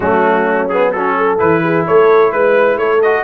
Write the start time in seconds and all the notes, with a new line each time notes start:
0.00 F#3 A3 C#4 F#4
0.68 B3 G#4
0.92 C#4 F#4 A4
1.17 A4
1.38 E3 E4 B4
1.63 G#4
1.87 A3 A4 C#5
2.31 G#3 B4
2.76 A3 A4 C#5
3.02 F#4 D#5